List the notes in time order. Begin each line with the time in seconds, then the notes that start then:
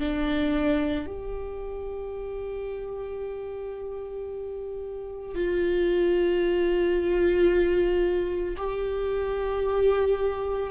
0.00 D4
1.07 G4
5.35 F4
8.57 G4